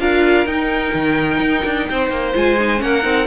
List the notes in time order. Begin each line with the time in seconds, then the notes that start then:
0.00 D4 F4 A#4 F5
0.46 D#4 G5
0.94 D#3
1.40 D#4
1.66 D4
1.90 C4 C5
2.10 A#3
2.34 G#3 F4 G#5
2.60 D#4
2.78 A#3 C#4 F#5
2.85 A#4
3.03 C4 D#4